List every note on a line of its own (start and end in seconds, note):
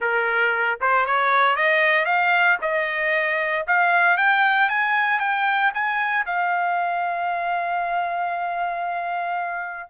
0.00 0.79 A#4
0.80 1.06 C5
1.06 1.55 C#5
1.55 2.05 D#5
2.05 2.57 F5
2.61 3.65 D#5
3.67 4.17 F5
4.17 4.69 G5
4.69 5.19 G#5
5.19 5.71 G5
5.74 6.25 G#5
6.25 9.90 F5